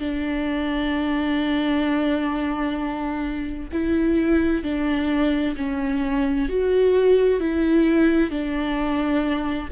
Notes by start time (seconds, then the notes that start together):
0.00 D4
3.73 E4
4.64 D4
5.57 C#4
6.49 F#4
7.40 E4
8.31 D4